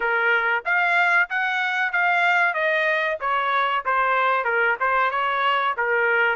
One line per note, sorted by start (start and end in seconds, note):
0.00 0.64 A#4
0.65 1.29 F5
1.29 1.92 F#5
1.92 2.54 F5
2.54 3.17 D#5
3.20 3.84 C#5
3.85 4.44 C5
4.44 4.76 A#4
4.80 5.10 C5
5.10 5.74 C#5
5.77 6.35 A#4